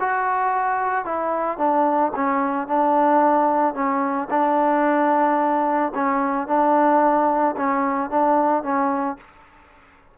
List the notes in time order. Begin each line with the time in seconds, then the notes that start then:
0.00 F#4
1.05 E4
1.58 D4
2.16 C#4
2.68 D4
3.74 C#4
4.31 D4
5.95 C#4
6.48 D4
7.57 C#4
8.11 D4
8.63 C#4